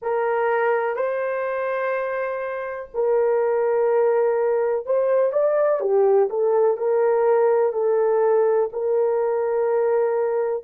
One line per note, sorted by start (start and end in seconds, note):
0.01 0.96 A#4
0.96 2.89 C5
2.93 4.86 A#4
4.86 5.32 C5
5.32 5.80 D5
5.80 6.28 G4
6.29 6.77 A4
6.77 7.72 A#4
7.72 8.69 A4
8.72 10.63 A#4